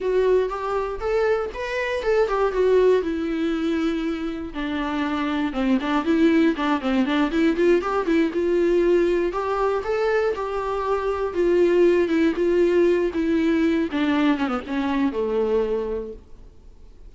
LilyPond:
\new Staff \with { instrumentName = "viola" } { \time 4/4 \tempo 4 = 119 fis'4 g'4 a'4 b'4 | a'8 g'8 fis'4 e'2~ | e'4 d'2 c'8 d'8 | e'4 d'8 c'8 d'8 e'8 f'8 g'8 |
e'8 f'2 g'4 a'8~ | a'8 g'2 f'4. | e'8 f'4. e'4. d'8~ | d'8 cis'16 b16 cis'4 a2 | }